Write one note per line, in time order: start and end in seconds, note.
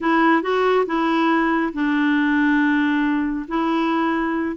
0.00 0.42 E4
0.42 0.85 F#4
0.86 1.72 E4
1.73 3.45 D4
3.48 4.56 E4